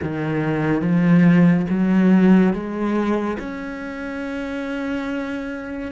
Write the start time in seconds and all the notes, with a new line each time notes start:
0.02 D#3
0.81 F3
1.69 F#3
2.53 G#3
3.38 C#4